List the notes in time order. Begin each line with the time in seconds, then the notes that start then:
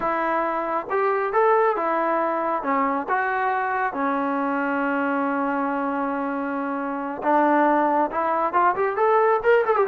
0.00 E4
0.90 G4
1.32 A4
1.76 E4
2.63 C#4
3.09 F#4
3.93 C#4
7.22 D4
8.11 E4
8.53 F4
8.75 G4
8.96 A4
9.43 A#4
9.65 A4
9.76 G4